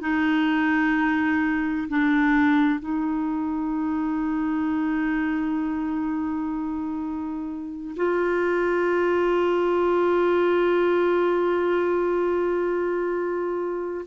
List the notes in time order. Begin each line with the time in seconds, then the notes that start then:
0.00 D#4
1.89 D4
2.80 D#4
7.96 F4